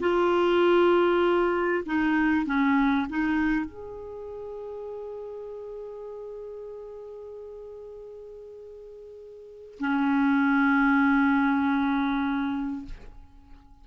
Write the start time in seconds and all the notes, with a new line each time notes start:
0.00 F4
1.85 D#4
2.45 C#4
3.09 D#4
3.65 G#4
9.79 C#4